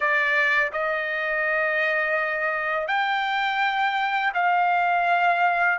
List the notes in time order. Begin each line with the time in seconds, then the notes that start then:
0.00 D5
0.72 D#5
2.87 G5
4.34 F5